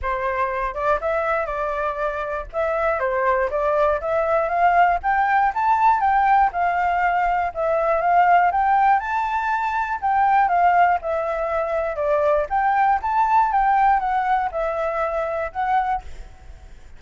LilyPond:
\new Staff \with { instrumentName = "flute" } { \time 4/4 \tempo 4 = 120 c''4. d''8 e''4 d''4~ | d''4 e''4 c''4 d''4 | e''4 f''4 g''4 a''4 | g''4 f''2 e''4 |
f''4 g''4 a''2 | g''4 f''4 e''2 | d''4 g''4 a''4 g''4 | fis''4 e''2 fis''4 | }